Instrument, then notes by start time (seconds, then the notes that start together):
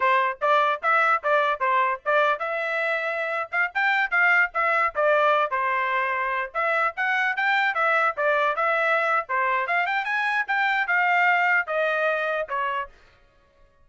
trumpet
0.00 C5
0.41 D5
0.82 E5
1.23 D5
1.60 C5
2.05 D5
2.39 E5
3.51 F5
3.74 G5
4.10 F5
4.54 E5
4.95 D5
5.50 C5
6.54 E5
6.96 F#5
7.36 G5
7.74 E5
8.16 D5
8.56 E5
9.29 C5
9.67 F5
9.86 G5
10.05 G#5
10.47 G5
10.87 F5
11.66 D#5
12.48 C#5